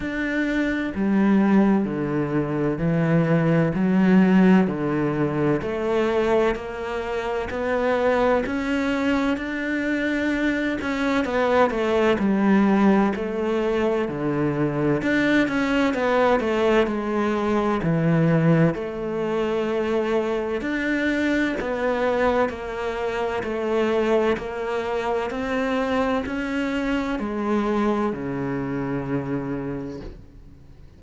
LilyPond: \new Staff \with { instrumentName = "cello" } { \time 4/4 \tempo 4 = 64 d'4 g4 d4 e4 | fis4 d4 a4 ais4 | b4 cis'4 d'4. cis'8 | b8 a8 g4 a4 d4 |
d'8 cis'8 b8 a8 gis4 e4 | a2 d'4 b4 | ais4 a4 ais4 c'4 | cis'4 gis4 cis2 | }